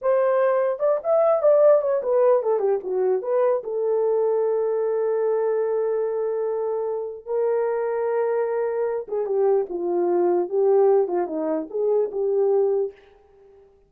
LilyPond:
\new Staff \with { instrumentName = "horn" } { \time 4/4 \tempo 4 = 149 c''2 d''8 e''4 d''8~ | d''8 cis''8 b'4 a'8 g'8 fis'4 | b'4 a'2.~ | a'1~ |
a'2 ais'2~ | ais'2~ ais'8 gis'8 g'4 | f'2 g'4. f'8 | dis'4 gis'4 g'2 | }